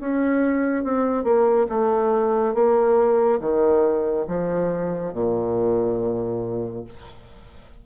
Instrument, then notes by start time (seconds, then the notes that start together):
bassoon
0.00 C#4
0.84 C4
1.24 A#3
1.69 A3
2.54 A#3
3.40 D#3
4.27 F3
5.13 A#2